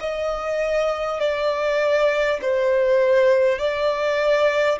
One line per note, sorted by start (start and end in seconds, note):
0.00 1.20 D#5
1.20 2.40 D5
2.42 3.59 C5
3.59 4.79 D5